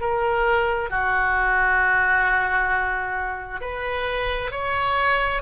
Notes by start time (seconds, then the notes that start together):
0.00 A#4
0.89 F#4
3.60 B4
4.51 C#5